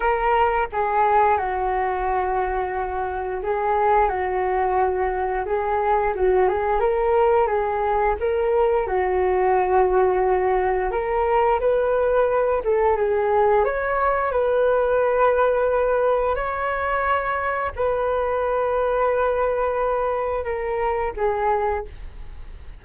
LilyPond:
\new Staff \with { instrumentName = "flute" } { \time 4/4 \tempo 4 = 88 ais'4 gis'4 fis'2~ | fis'4 gis'4 fis'2 | gis'4 fis'8 gis'8 ais'4 gis'4 | ais'4 fis'2. |
ais'4 b'4. a'8 gis'4 | cis''4 b'2. | cis''2 b'2~ | b'2 ais'4 gis'4 | }